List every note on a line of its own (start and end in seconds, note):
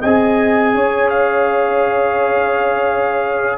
0.00 0.75 C4
0.00 3.58 G#4
0.00 0.71 D#5
0.00 1.09 G#5
0.75 3.58 C#4
0.75 3.58 C#5
1.10 3.58 F5